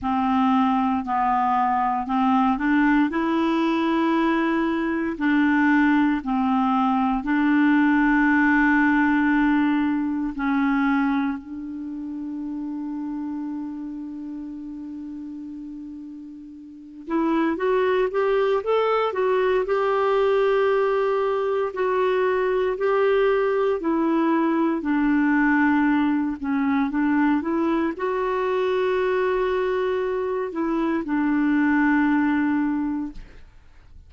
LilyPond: \new Staff \with { instrumentName = "clarinet" } { \time 4/4 \tempo 4 = 58 c'4 b4 c'8 d'8 e'4~ | e'4 d'4 c'4 d'4~ | d'2 cis'4 d'4~ | d'1~ |
d'8 e'8 fis'8 g'8 a'8 fis'8 g'4~ | g'4 fis'4 g'4 e'4 | d'4. cis'8 d'8 e'8 fis'4~ | fis'4. e'8 d'2 | }